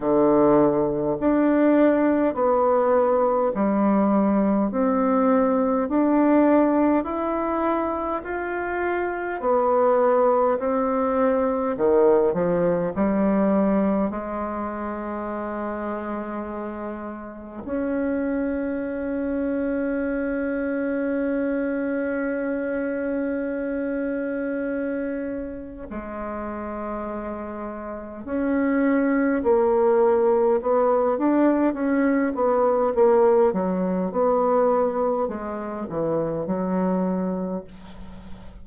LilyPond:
\new Staff \with { instrumentName = "bassoon" } { \time 4/4 \tempo 4 = 51 d4 d'4 b4 g4 | c'4 d'4 e'4 f'4 | b4 c'4 dis8 f8 g4 | gis2. cis'4~ |
cis'1~ | cis'2 gis2 | cis'4 ais4 b8 d'8 cis'8 b8 | ais8 fis8 b4 gis8 e8 fis4 | }